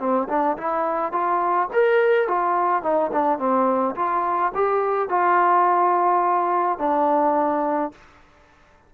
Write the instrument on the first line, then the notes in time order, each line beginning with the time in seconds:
trombone
0.00 C4
0.29 D4
0.58 E4
1.12 F4
1.73 A#4
2.28 F4
2.83 D#4
3.13 D4
3.39 C4
3.96 F4
4.55 G4
5.09 F4
6.79 D4